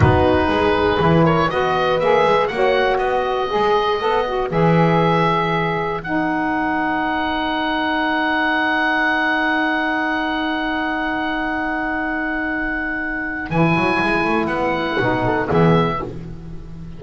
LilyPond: <<
  \new Staff \with { instrumentName = "oboe" } { \time 4/4 \tempo 4 = 120 b'2~ b'8 cis''8 dis''4 | e''4 fis''4 dis''2~ | dis''4 e''2. | fis''1~ |
fis''1~ | fis''1~ | fis''2. gis''4~ | gis''4 fis''2 e''4 | }
  \new Staff \with { instrumentName = "horn" } { \time 4/4 fis'4 gis'4. ais'8 b'4~ | b'4 cis''4 b'2~ | b'1~ | b'1~ |
b'1~ | b'1~ | b'1~ | b'2~ b'8 a'8 gis'4 | }
  \new Staff \with { instrumentName = "saxophone" } { \time 4/4 dis'2 e'4 fis'4 | gis'4 fis'2 gis'4 | a'8 fis'8 gis'2. | dis'1~ |
dis'1~ | dis'1~ | dis'2. e'4~ | e'2 dis'4 b4 | }
  \new Staff \with { instrumentName = "double bass" } { \time 4/4 b4 gis4 e4 b4 | ais8 gis8 ais4 b4 gis4 | b4 e2. | b1~ |
b1~ | b1~ | b2. e8 fis8 | gis8 a8 b4 b,4 e4 | }
>>